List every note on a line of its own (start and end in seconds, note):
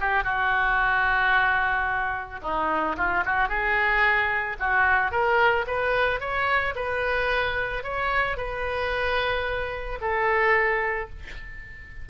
0.00 0.24 G4
0.24 2.40 F#4
2.42 2.96 D#4
2.97 3.24 F4
3.25 3.49 F#4
3.49 4.57 G#4
4.59 5.11 F#4
5.11 5.65 A#4
5.67 6.20 B4
6.20 6.74 C#5
6.75 7.84 B4
7.84 8.37 C#5
8.37 9.99 B4
10.01 11.09 A4